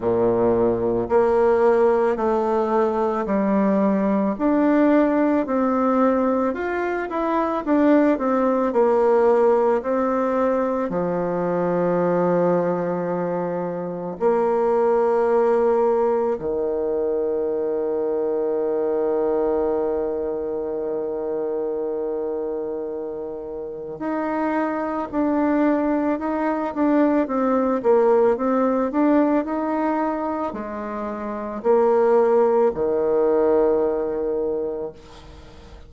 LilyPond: \new Staff \with { instrumentName = "bassoon" } { \time 4/4 \tempo 4 = 55 ais,4 ais4 a4 g4 | d'4 c'4 f'8 e'8 d'8 c'8 | ais4 c'4 f2~ | f4 ais2 dis4~ |
dis1~ | dis2 dis'4 d'4 | dis'8 d'8 c'8 ais8 c'8 d'8 dis'4 | gis4 ais4 dis2 | }